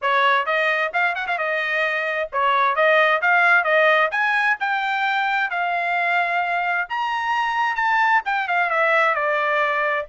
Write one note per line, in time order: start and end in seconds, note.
0.01 0.45 C#5
0.45 0.91 D#5
0.93 1.15 F5
1.15 1.26 F#5
1.27 1.38 F5
1.38 2.29 D#5
2.32 2.75 C#5
2.75 3.21 D#5
3.21 3.64 F5
3.64 4.10 D#5
4.11 4.57 G#5
4.59 5.50 G5
5.50 6.87 F5
6.89 7.75 A#5
7.75 8.21 A5
8.25 8.48 G5
8.48 8.69 F5
8.69 9.14 E5
9.14 10.06 D5